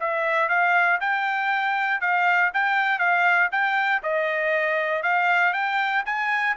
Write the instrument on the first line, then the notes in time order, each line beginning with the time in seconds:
trumpet
0.00 E5
0.49 F5
1.00 G5
2.01 F5
2.53 G5
2.99 F5
3.51 G5
4.03 D#5
5.03 F5
5.53 G5
6.05 G#5